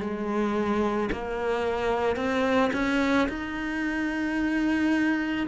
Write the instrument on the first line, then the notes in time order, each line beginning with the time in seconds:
cello
0.00 G#3
1.12 A#3
2.16 C4
2.73 C#4
3.28 D#4